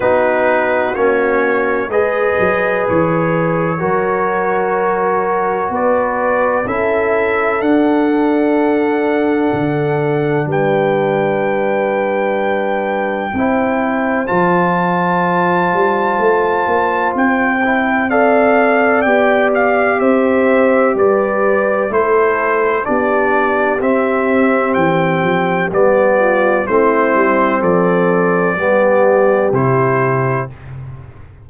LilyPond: <<
  \new Staff \with { instrumentName = "trumpet" } { \time 4/4 \tempo 4 = 63 b'4 cis''4 dis''4 cis''4~ | cis''2 d''4 e''4 | fis''2. g''4~ | g''2. a''4~ |
a''2 g''4 f''4 | g''8 f''8 e''4 d''4 c''4 | d''4 e''4 g''4 d''4 | c''4 d''2 c''4 | }
  \new Staff \with { instrumentName = "horn" } { \time 4/4 fis'2 b'2 | ais'2 b'4 a'4~ | a'2. b'4~ | b'2 c''2~ |
c''2. d''4~ | d''4 c''4 b'4 a'4 | g'2.~ g'8 f'8 | e'4 a'4 g'2 | }
  \new Staff \with { instrumentName = "trombone" } { \time 4/4 dis'4 cis'4 gis'2 | fis'2. e'4 | d'1~ | d'2 e'4 f'4~ |
f'2~ f'8 e'8 a'4 | g'2. e'4 | d'4 c'2 b4 | c'2 b4 e'4 | }
  \new Staff \with { instrumentName = "tuba" } { \time 4/4 b4 ais4 gis8 fis8 e4 | fis2 b4 cis'4 | d'2 d4 g4~ | g2 c'4 f4~ |
f8 g8 a8 ais8 c'2 | b4 c'4 g4 a4 | b4 c'4 e8 f8 g4 | a8 g8 f4 g4 c4 | }
>>